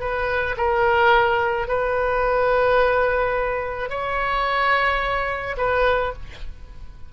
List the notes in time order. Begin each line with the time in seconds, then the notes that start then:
0.00 B4
0.58 A#4
1.68 B4
3.90 C#5
5.57 B4